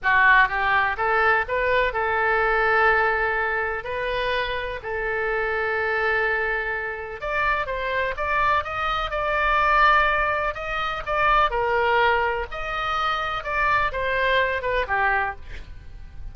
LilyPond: \new Staff \with { instrumentName = "oboe" } { \time 4/4 \tempo 4 = 125 fis'4 g'4 a'4 b'4 | a'1 | b'2 a'2~ | a'2. d''4 |
c''4 d''4 dis''4 d''4~ | d''2 dis''4 d''4 | ais'2 dis''2 | d''4 c''4. b'8 g'4 | }